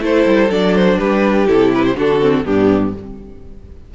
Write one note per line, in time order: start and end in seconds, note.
0.00 0.25 A3
0.00 0.49 E4
0.00 0.97 A4
0.00 0.51 C5
0.26 0.49 G3
0.49 0.98 F#3
0.49 1.47 D4
0.49 0.75 D5
0.75 0.98 C5
0.97 1.48 G3
0.97 1.95 G4
0.97 1.47 B4
1.47 1.95 C3
1.47 1.96 E4
1.47 1.71 A4
1.74 1.84 B4
1.84 1.96 C5
1.95 2.44 D3
1.95 2.20 D4
1.95 2.44 F#4
1.95 2.45 A4
2.20 2.44 C4
2.44 2.94 G2
2.44 2.93 B3
2.44 2.93 D4
2.44 2.94 G4